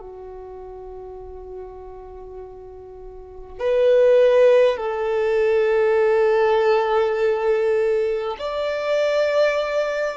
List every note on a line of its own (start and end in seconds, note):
0.00 3.59 F#4
3.59 4.77 B4
4.77 8.37 A4
8.39 10.17 D5